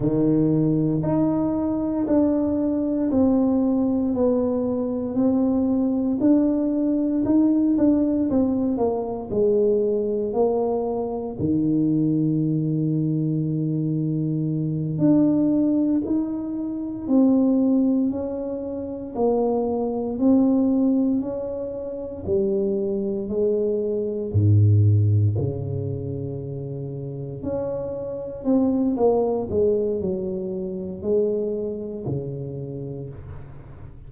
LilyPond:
\new Staff \with { instrumentName = "tuba" } { \time 4/4 \tempo 4 = 58 dis4 dis'4 d'4 c'4 | b4 c'4 d'4 dis'8 d'8 | c'8 ais8 gis4 ais4 dis4~ | dis2~ dis8 d'4 dis'8~ |
dis'8 c'4 cis'4 ais4 c'8~ | c'8 cis'4 g4 gis4 gis,8~ | gis,8 cis2 cis'4 c'8 | ais8 gis8 fis4 gis4 cis4 | }